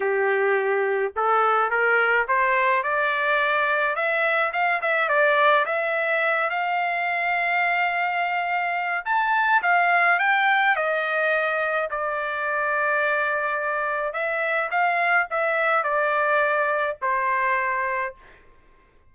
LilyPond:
\new Staff \with { instrumentName = "trumpet" } { \time 4/4 \tempo 4 = 106 g'2 a'4 ais'4 | c''4 d''2 e''4 | f''8 e''8 d''4 e''4. f''8~ | f''1 |
a''4 f''4 g''4 dis''4~ | dis''4 d''2.~ | d''4 e''4 f''4 e''4 | d''2 c''2 | }